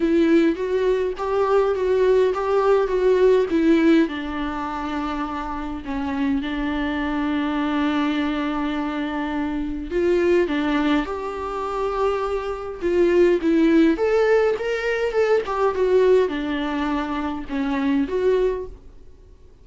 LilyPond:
\new Staff \with { instrumentName = "viola" } { \time 4/4 \tempo 4 = 103 e'4 fis'4 g'4 fis'4 | g'4 fis'4 e'4 d'4~ | d'2 cis'4 d'4~ | d'1~ |
d'4 f'4 d'4 g'4~ | g'2 f'4 e'4 | a'4 ais'4 a'8 g'8 fis'4 | d'2 cis'4 fis'4 | }